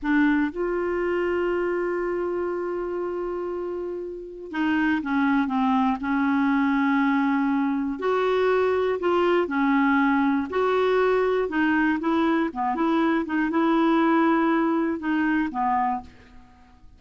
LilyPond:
\new Staff \with { instrumentName = "clarinet" } { \time 4/4 \tempo 4 = 120 d'4 f'2.~ | f'1~ | f'4 dis'4 cis'4 c'4 | cis'1 |
fis'2 f'4 cis'4~ | cis'4 fis'2 dis'4 | e'4 b8 e'4 dis'8 e'4~ | e'2 dis'4 b4 | }